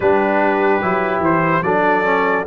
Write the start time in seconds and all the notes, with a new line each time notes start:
0.00 G3 D4 G4 B4
0.81 F#3 E4
1.20 E3 C5
1.62 F#3 D4 A4 D5
2.04 C#4